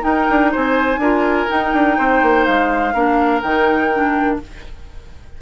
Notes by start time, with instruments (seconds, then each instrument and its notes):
0.00 clarinet D#4, bassoon D#4, oboe A#4, flute G5
0.30 bassoon D4
0.51 bassoon C4, oboe C5, flute G#5
0.97 bassoon D4, clarinet F4, oboe A#4
1.47 clarinet D#4, bassoon D#4, flute G5
1.73 bassoon D4
1.97 bassoon C4, oboe C5
2.22 bassoon A#3
2.44 bassoon G#3, flute F5
2.93 bassoon A#3, clarinet D4, oboe A#4
3.41 bassoon D#3, clarinet D#4, flute G5
3.93 clarinet D4